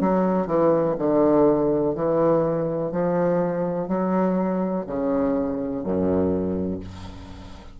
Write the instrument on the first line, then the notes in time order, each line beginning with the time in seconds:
bassoon
0.00 F#3
0.47 E3
0.98 D3
1.94 E3
2.91 F3
3.88 F#3
4.87 C#3
5.83 F#2